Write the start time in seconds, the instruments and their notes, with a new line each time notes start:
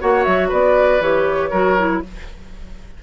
0.00 bassoon A#3, clarinet F#4, oboe C#5, flute F#5
0.24 bassoon F#3, flute E5
0.49 bassoon B3, oboe B4, flute D5
1.01 bassoon E3, clarinet G4, flute C#5
1.51 bassoon F#3, clarinet F#4, oboe A#4
1.78 clarinet E4